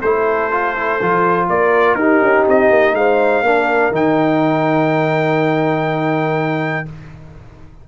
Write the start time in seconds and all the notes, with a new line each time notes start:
0.00 A3 E4 A4 C5
0.51 F4
0.76 E4
1.01 F3 F4
1.49 A#3 A#4 D5
1.95 D#4 G4 A#4
2.22 C#4
2.47 C4 D#5
2.70 A#3
2.93 G#3 C5 F5
3.42 A#3 D4 A#4
3.91 D#3 D#4 G5